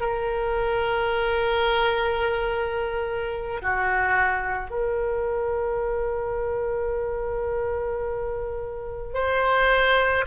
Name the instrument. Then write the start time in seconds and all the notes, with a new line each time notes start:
oboe
0.00 A#4
3.62 F#4
4.70 A#4
9.14 C5